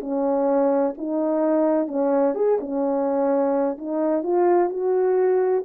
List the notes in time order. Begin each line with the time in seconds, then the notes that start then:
0.00 C#4
0.98 D#4
1.87 C#4
2.35 G#4
2.60 C#4
3.78 D#4
4.23 F4
4.70 F#4